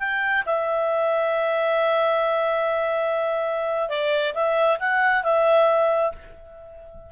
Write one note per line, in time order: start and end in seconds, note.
0.00 0.44 G5
0.46 3.90 E5
3.90 4.34 D5
4.35 4.79 E5
4.80 5.24 F#5
5.24 6.13 E5